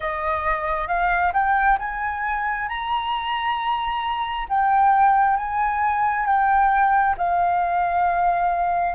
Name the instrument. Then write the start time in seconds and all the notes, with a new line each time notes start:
flute
0.00 D#5
0.87 F5
1.33 G5
1.78 G#5
2.68 A#5
4.48 G5
5.36 G#5
6.26 G5
7.17 F5